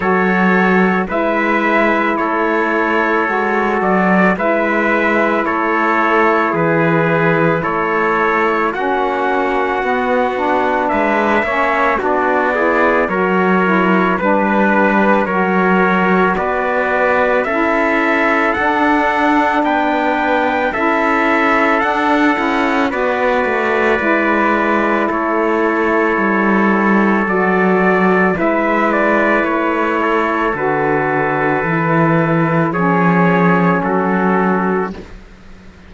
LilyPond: <<
  \new Staff \with { instrumentName = "trumpet" } { \time 4/4 \tempo 4 = 55 cis''4 e''4 cis''4. d''8 | e''4 cis''4 b'4 cis''4 | fis''2 e''4 d''4 | cis''4 b'4 cis''4 d''4 |
e''4 fis''4 g''4 e''4 | fis''4 d''2 cis''4~ | cis''4 d''4 e''8 d''8 cis''4 | b'2 cis''4 a'4 | }
  \new Staff \with { instrumentName = "trumpet" } { \time 4/4 a'4 b'4 a'2 | b'4 a'4 gis'4 a'4 | fis'2 b'8 cis''8 fis'8 gis'8 | ais'4 b'4 ais'4 b'4 |
a'2 b'4 a'4~ | a'4 b'2 a'4~ | a'2 b'4. a'8~ | a'2 gis'4 fis'4 | }
  \new Staff \with { instrumentName = "saxophone" } { \time 4/4 fis'4 e'2 fis'4 | e'1 | cis'4 b8 d'4 cis'8 d'8 e'8 | fis'8 e'8 d'4 fis'2 |
e'4 d'2 e'4 | d'8 e'8 fis'4 e'2~ | e'4 fis'4 e'2 | fis'4 e'4 cis'2 | }
  \new Staff \with { instrumentName = "cello" } { \time 4/4 fis4 gis4 a4 gis8 fis8 | gis4 a4 e4 a4 | ais4 b4 gis8 ais8 b4 | fis4 g4 fis4 b4 |
cis'4 d'4 b4 cis'4 | d'8 cis'8 b8 a8 gis4 a4 | g4 fis4 gis4 a4 | d4 e4 f4 fis4 | }
>>